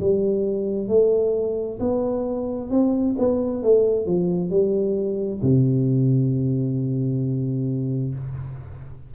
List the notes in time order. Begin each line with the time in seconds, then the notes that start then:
0.00 G3
0.88 A3
1.79 B3
2.70 C4
3.18 B3
3.63 A3
4.06 F3
4.50 G3
5.42 C3